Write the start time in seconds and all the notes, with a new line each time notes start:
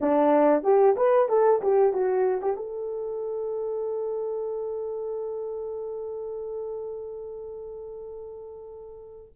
0.01 D4
0.63 G4
0.96 B4
1.28 A4
1.61 G4
1.93 F#4
2.41 G4
2.56 A4